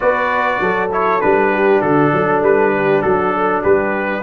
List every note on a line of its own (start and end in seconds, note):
0.00 0.60 B3
0.00 0.88 F#4
0.00 0.61 B4
0.00 0.91 D5
0.60 1.20 F#3
0.60 1.52 A4
0.91 1.20 E4
0.91 1.20 C#5
1.20 1.81 G3
1.20 4.22 D4
1.20 1.81 B4
1.52 1.81 G4
1.81 2.12 D3
1.81 2.11 F#4
1.81 2.42 A4
2.12 2.42 F#3
2.12 2.75 A4
2.42 3.02 G3
2.42 3.01 B4
2.75 3.03 G4
3.01 3.64 F#3
3.01 3.33 F#4
3.01 3.62 A4
3.33 3.62 A4
3.62 4.22 G3
3.62 4.22 G4
3.62 4.22 B4